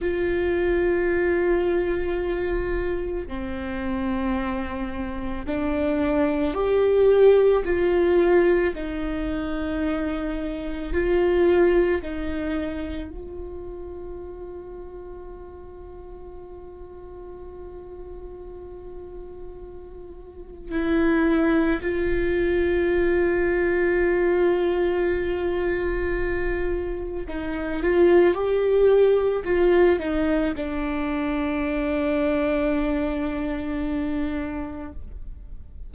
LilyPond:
\new Staff \with { instrumentName = "viola" } { \time 4/4 \tempo 4 = 55 f'2. c'4~ | c'4 d'4 g'4 f'4 | dis'2 f'4 dis'4 | f'1~ |
f'2. e'4 | f'1~ | f'4 dis'8 f'8 g'4 f'8 dis'8 | d'1 | }